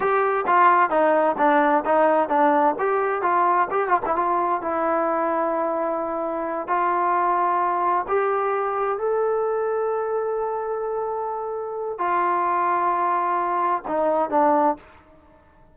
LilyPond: \new Staff \with { instrumentName = "trombone" } { \time 4/4 \tempo 4 = 130 g'4 f'4 dis'4 d'4 | dis'4 d'4 g'4 f'4 | g'8 f'16 e'16 f'4 e'2~ | e'2~ e'8 f'4.~ |
f'4. g'2 a'8~ | a'1~ | a'2 f'2~ | f'2 dis'4 d'4 | }